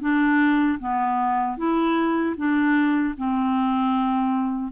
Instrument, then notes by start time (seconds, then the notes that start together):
clarinet
0.00 D4
0.79 B3
1.57 E4
2.37 D4
3.17 C4